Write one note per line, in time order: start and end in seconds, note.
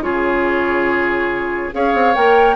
0.00 1.70 C#3
0.00 1.73 F4
0.00 1.75 G#4
0.00 1.73 C#5
1.73 1.94 C#4
1.73 2.15 G#4
1.73 2.56 C#5
1.73 2.15 F5
1.94 2.16 C4
2.15 2.56 A#3
2.15 2.56 A#4
2.15 2.56 G5